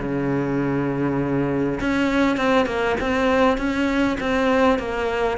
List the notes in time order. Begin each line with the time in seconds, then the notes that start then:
0.00 C#3
1.81 C#4
2.37 C4
2.67 A#3
3.01 C4
3.58 C#4
4.20 C4
4.79 A#3